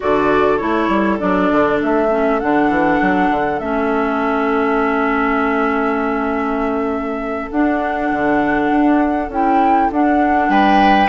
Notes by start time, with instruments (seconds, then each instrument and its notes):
0.00 bassoon D3, clarinet F#4, oboe A4, flute D5
0.57 bassoon A3, clarinet E4, flute C#5
0.88 bassoon G3
1.18 bassoon F#3, clarinet D4, flute D5
1.51 bassoon D3
1.82 bassoon A3, flute E5
2.10 clarinet C#4
2.39 bassoon D3, clarinet D4, flute F#5
2.69 bassoon E3
3.01 bassoon F#3
3.29 bassoon D3
3.59 bassoon A3, clarinet C#4, flute E5
7.51 bassoon D4, clarinet D4, flute F#5
8.11 bassoon D3
8.70 bassoon D4
9.29 bassoon C#4, clarinet E4, flute G5
9.91 bassoon D4, clarinet D4, flute F#5
10.48 bassoon G3, oboe B4, flute G5